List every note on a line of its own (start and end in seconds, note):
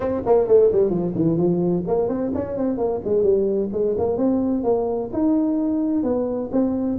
0.00 0.21 C4
0.26 0.47 A#3
0.47 0.71 A3
0.71 0.90 G3
0.90 1.13 F3
1.15 1.37 E3
1.37 1.83 F3
1.87 2.08 A#3
2.08 2.31 C4
2.34 2.57 C#4
2.57 2.77 C4
2.77 3.00 A#3
3.04 3.23 G#3
3.23 3.69 G3
3.72 3.95 G#3
3.98 4.17 A#3
4.17 4.63 C4
4.63 5.10 A#3
5.12 6.03 D#4
6.03 6.49 B3
6.52 6.98 C4